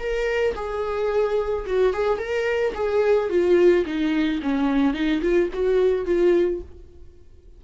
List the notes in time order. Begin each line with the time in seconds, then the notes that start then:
0.00 A#4
0.56 G#4
1.67 F#4
1.93 G#4
2.19 A#4
2.75 G#4
3.30 F4
3.86 D#4
4.43 C#4
4.94 D#4
5.22 F4
5.53 F#4
6.06 F4